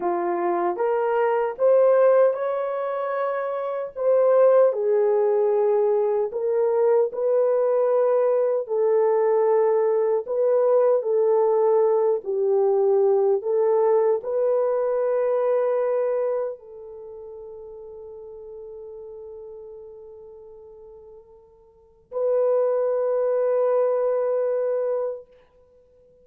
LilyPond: \new Staff \with { instrumentName = "horn" } { \time 4/4 \tempo 4 = 76 f'4 ais'4 c''4 cis''4~ | cis''4 c''4 gis'2 | ais'4 b'2 a'4~ | a'4 b'4 a'4. g'8~ |
g'4 a'4 b'2~ | b'4 a'2.~ | a'1 | b'1 | }